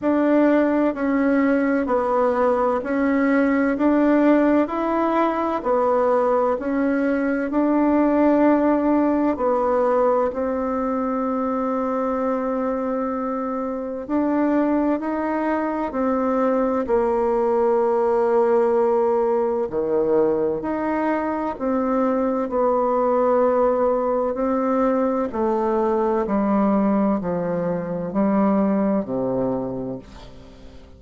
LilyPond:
\new Staff \with { instrumentName = "bassoon" } { \time 4/4 \tempo 4 = 64 d'4 cis'4 b4 cis'4 | d'4 e'4 b4 cis'4 | d'2 b4 c'4~ | c'2. d'4 |
dis'4 c'4 ais2~ | ais4 dis4 dis'4 c'4 | b2 c'4 a4 | g4 f4 g4 c4 | }